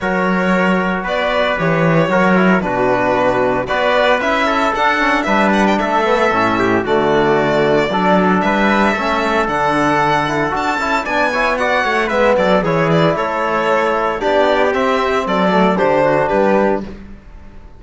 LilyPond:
<<
  \new Staff \with { instrumentName = "violin" } { \time 4/4 \tempo 4 = 114 cis''2 d''4 cis''4~ | cis''4 b'2 d''4 | e''4 fis''4 e''8 fis''16 g''16 e''4~ | e''4 d''2. |
e''2 fis''2 | a''4 gis''4 fis''4 e''8 d''8 | cis''8 d''8 cis''2 d''4 | e''4 d''4 c''4 b'4 | }
  \new Staff \with { instrumentName = "trumpet" } { \time 4/4 ais'2 b'2 | ais'4 fis'2 b'4~ | b'8 a'4. b'4 a'4~ | a'8 g'8 fis'2 a'4 |
b'4 a'2.~ | a'4 d''8 cis''8 d''8 cis''8 b'8 a'8 | gis'4 a'2 g'4~ | g'4 a'4 g'8 fis'8 g'4 | }
  \new Staff \with { instrumentName = "trombone" } { \time 4/4 fis'2. g'4 | fis'8 e'8 d'2 fis'4 | e'4 d'8 cis'8 d'4. b8 | cis'4 a2 d'4~ |
d'4 cis'4 d'4. e'8 | fis'8 e'8 d'8 e'8 fis'4 b4 | e'2. d'4 | c'4. a8 d'2 | }
  \new Staff \with { instrumentName = "cello" } { \time 4/4 fis2 b4 e4 | fis4 b,2 b4 | cis'4 d'4 g4 a4 | a,4 d2 fis4 |
g4 a4 d2 | d'8 cis'8 b4. a8 gis8 fis8 | e4 a2 b4 | c'4 fis4 d4 g4 | }
>>